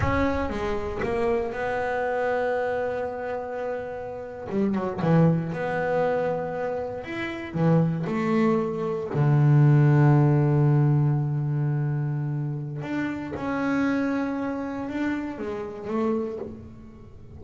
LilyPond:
\new Staff \with { instrumentName = "double bass" } { \time 4/4 \tempo 4 = 117 cis'4 gis4 ais4 b4~ | b1~ | b8. g8 fis8 e4 b4~ b16~ | b4.~ b16 e'4 e4 a16~ |
a4.~ a16 d2~ d16~ | d1~ | d4 d'4 cis'2~ | cis'4 d'4 gis4 a4 | }